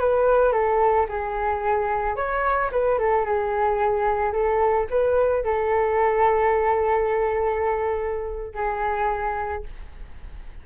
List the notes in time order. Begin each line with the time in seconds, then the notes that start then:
0.00 B4
0.53 A4
1.09 G#4
2.16 C#5
2.72 B4
2.99 A4
3.26 G#4
4.33 A4
4.90 B4
5.44 A4
8.54 G#4